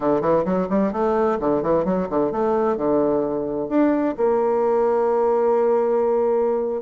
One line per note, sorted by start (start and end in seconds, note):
0.00 0.21 D3
0.21 0.44 E3
0.44 0.67 F#3
0.69 0.92 G3
0.92 1.38 A3
1.40 1.62 D3
1.62 1.84 E3
1.84 2.07 F#3
2.09 2.31 D3
2.31 2.76 A3
2.76 3.68 D3
3.68 4.15 D4
4.17 6.82 A#3